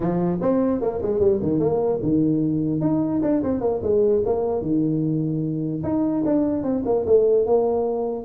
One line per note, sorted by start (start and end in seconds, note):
0.00 0.39 F3
0.41 0.81 C4
0.81 1.01 A#3
1.01 1.19 G#3
1.19 1.39 G3
1.42 1.59 D#3
1.59 2.00 A#3
2.02 2.80 D#3
2.80 3.21 D#4
3.22 3.42 D4
3.42 3.60 C4
3.60 3.81 A#3
3.82 4.22 G#3
4.25 4.61 A#3
4.61 5.82 D#3
5.83 6.23 D#4
6.25 6.63 D4
6.63 6.83 C4
6.85 7.05 A#3
7.05 7.46 A3
7.46 8.24 A#3